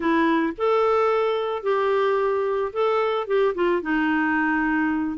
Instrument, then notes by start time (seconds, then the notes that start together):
clarinet
0.00 E4
0.57 A4
1.62 G4
2.72 A4
3.27 G4
3.54 F4
3.82 D#4